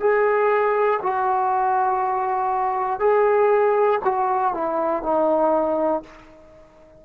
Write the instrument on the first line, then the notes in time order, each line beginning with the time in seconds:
trombone
0.00 G#4
1.02 F#4
3.00 G#4
4.05 F#4
4.54 E4
5.02 D#4